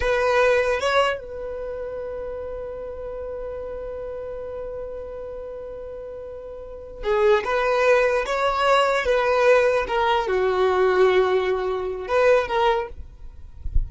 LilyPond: \new Staff \with { instrumentName = "violin" } { \time 4/4 \tempo 4 = 149 b'2 cis''4 b'4~ | b'1~ | b'1~ | b'1~ |
b'4. gis'4 b'4.~ | b'8 cis''2 b'4.~ | b'8 ais'4 fis'2~ fis'8~ | fis'2 b'4 ais'4 | }